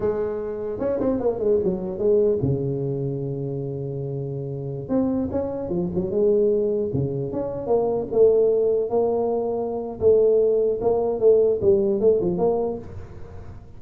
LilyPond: \new Staff \with { instrumentName = "tuba" } { \time 4/4 \tempo 4 = 150 gis2 cis'8 c'8 ais8 gis8 | fis4 gis4 cis2~ | cis1~ | cis16 c'4 cis'4 f8 fis8 gis8.~ |
gis4~ gis16 cis4 cis'4 ais8.~ | ais16 a2 ais4.~ ais16~ | ais4 a2 ais4 | a4 g4 a8 f8 ais4 | }